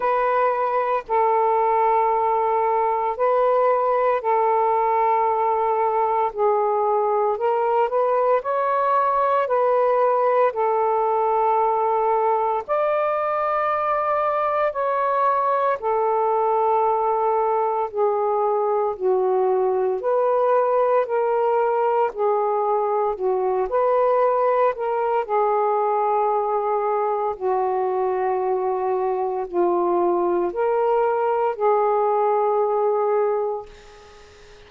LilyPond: \new Staff \with { instrumentName = "saxophone" } { \time 4/4 \tempo 4 = 57 b'4 a'2 b'4 | a'2 gis'4 ais'8 b'8 | cis''4 b'4 a'2 | d''2 cis''4 a'4~ |
a'4 gis'4 fis'4 b'4 | ais'4 gis'4 fis'8 b'4 ais'8 | gis'2 fis'2 | f'4 ais'4 gis'2 | }